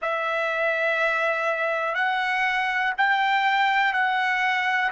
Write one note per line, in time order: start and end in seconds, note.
0.02 1.94 E5
1.94 2.92 F#5
2.97 3.93 G5
3.93 4.91 F#5